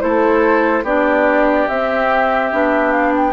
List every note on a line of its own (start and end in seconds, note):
0.00 0.82 A3
0.00 0.83 E4
0.00 0.84 A4
0.00 0.84 C5
0.82 1.66 B3
0.82 1.69 D4
0.82 3.33 G4
0.82 1.67 D5
1.67 2.52 C4
1.67 2.51 C4
1.67 2.91 E5
2.51 3.33 B3
2.51 3.33 D4
2.91 3.12 F5
3.16 3.33 G5